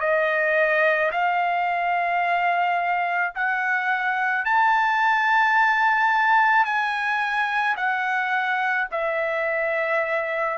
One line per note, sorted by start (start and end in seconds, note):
0.00 1.11 D#5
1.11 3.33 F5
3.35 4.45 F#5
4.45 6.65 A5
6.65 7.76 G#5
7.76 8.87 F#5
8.91 10.58 E5